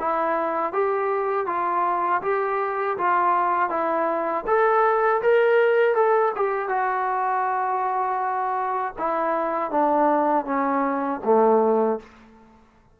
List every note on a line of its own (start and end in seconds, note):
0.00 0.73 E4
0.73 1.47 G4
1.47 2.22 F4
2.22 2.97 G4
2.98 3.70 F4
3.70 4.45 E4
4.47 5.22 A4
5.22 5.95 A#4
5.95 6.32 A4
6.36 6.69 G4
6.69 8.94 F#4
8.99 9.71 E4
9.71 10.46 D4
10.46 11.21 C#4
11.25 12.00 A3